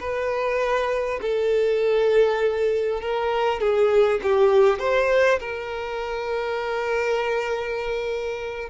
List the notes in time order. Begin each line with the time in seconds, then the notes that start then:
0.00 B4
1.22 A4
3.01 A#4
3.60 G#4
4.22 G4
4.79 C5
5.39 A#4